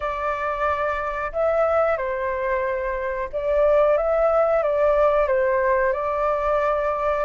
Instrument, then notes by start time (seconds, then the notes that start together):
flute
0.00 D5
1.32 E5
1.97 C5
3.32 D5
3.97 E5
4.62 D5
5.27 C5
5.93 D5